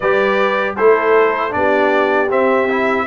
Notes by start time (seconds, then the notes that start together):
0.00 G3 G4 B4 D5
0.76 A3 E4 A4 C5
1.50 B3 D4 G4 D5
2.30 C4 E5
2.69 E4